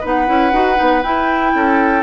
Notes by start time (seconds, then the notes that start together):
0.00 B3 D#4 B4 F#5
0.26 C#4 E4
0.52 D#4 F#4
0.75 B3 D#4
1.02 E4 G5
1.54 C#4 A4